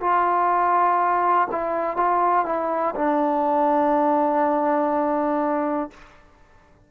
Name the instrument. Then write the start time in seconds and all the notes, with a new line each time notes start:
trombone
0.00 F4
1.51 E4
1.96 F4
2.45 E4
2.95 D4